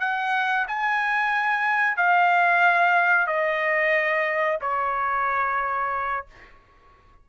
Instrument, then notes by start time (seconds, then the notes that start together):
trumpet
0.00 F#5
0.67 G#5
1.97 F5
3.27 D#5
4.61 C#5